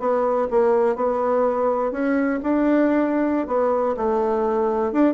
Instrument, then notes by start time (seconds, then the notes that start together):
bassoon
0.00 B3
0.51 A#3
0.96 B3
1.92 C#4
2.43 D4
3.48 B3
3.97 A3
4.93 D4